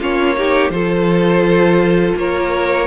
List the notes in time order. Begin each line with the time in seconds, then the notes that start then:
0.00 A#3 C#4 F4 C#5
0.37 D#4 G4
0.69 F3 F4 A4 C5
2.15 A#3 A#4 C#5